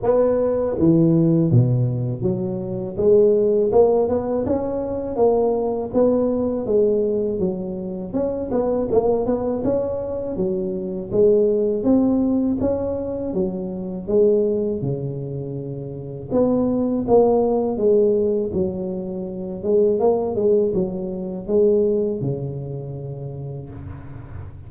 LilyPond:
\new Staff \with { instrumentName = "tuba" } { \time 4/4 \tempo 4 = 81 b4 e4 b,4 fis4 | gis4 ais8 b8 cis'4 ais4 | b4 gis4 fis4 cis'8 b8 | ais8 b8 cis'4 fis4 gis4 |
c'4 cis'4 fis4 gis4 | cis2 b4 ais4 | gis4 fis4. gis8 ais8 gis8 | fis4 gis4 cis2 | }